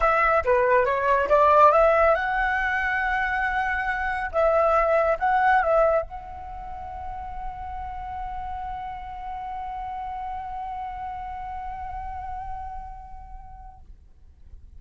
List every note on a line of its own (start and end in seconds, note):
0.00 0.43 E5
0.45 0.85 B4
0.85 1.28 C#5
1.29 1.72 D5
1.72 2.14 E5
2.14 4.30 F#5
4.31 5.17 E5
5.19 5.62 F#5
5.62 6.02 E5
6.02 13.79 F#5